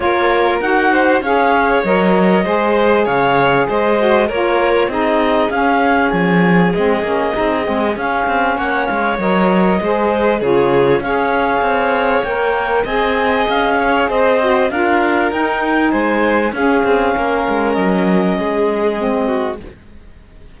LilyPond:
<<
  \new Staff \with { instrumentName = "clarinet" } { \time 4/4 \tempo 4 = 98 cis''4 fis''4 f''4 dis''4~ | dis''4 f''4 dis''4 cis''4 | dis''4 f''4 gis''4 dis''4~ | dis''4 f''4 fis''8 f''8 dis''4~ |
dis''4 cis''4 f''2 | g''4 gis''4 f''4 dis''4 | f''4 g''4 gis''4 f''4~ | f''4 dis''2. | }
  \new Staff \with { instrumentName = "violin" } { \time 4/4 ais'4. c''8 cis''2 | c''4 cis''4 c''4 ais'4 | gis'1~ | gis'2 cis''2 |
c''4 gis'4 cis''2~ | cis''4 dis''4. cis''8 c''4 | ais'2 c''4 gis'4 | ais'2 gis'4. fis'8 | }
  \new Staff \with { instrumentName = "saxophone" } { \time 4/4 f'4 fis'4 gis'4 ais'4 | gis'2~ gis'8 fis'8 f'4 | dis'4 cis'2 c'8 cis'8 | dis'8 c'8 cis'2 ais'4 |
gis'4 f'4 gis'2 | ais'4 gis'2~ gis'8 fis'8 | f'4 dis'2 cis'4~ | cis'2. c'4 | }
  \new Staff \with { instrumentName = "cello" } { \time 4/4 ais4 dis'4 cis'4 fis4 | gis4 cis4 gis4 ais4 | c'4 cis'4 f4 gis8 ais8 | c'8 gis8 cis'8 c'8 ais8 gis8 fis4 |
gis4 cis4 cis'4 c'4 | ais4 c'4 cis'4 c'4 | d'4 dis'4 gis4 cis'8 c'8 | ais8 gis8 fis4 gis2 | }
>>